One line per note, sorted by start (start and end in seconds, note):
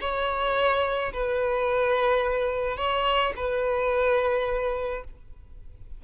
0.00 1.12 C#5
1.12 2.77 B4
2.77 3.33 C#5
3.36 5.04 B4